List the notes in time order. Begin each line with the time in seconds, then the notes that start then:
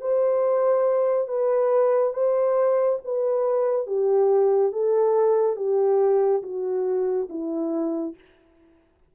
0.00 C5
1.27 B4
2.13 C5
3.04 B4
3.86 G4
4.72 A4
5.56 G4
6.42 F#4
7.29 E4